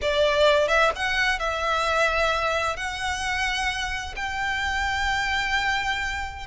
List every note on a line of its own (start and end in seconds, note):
0.01 0.68 D5
0.68 0.91 E5
0.95 1.39 F#5
1.39 2.76 E5
2.76 4.15 F#5
4.15 6.46 G5